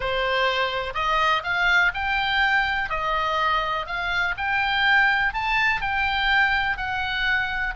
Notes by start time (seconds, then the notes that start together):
0.00 C5
0.94 D#5
1.43 F5
1.94 G5
2.89 D#5
3.86 F5
4.37 G5
5.33 A5
5.81 G5
6.77 F#5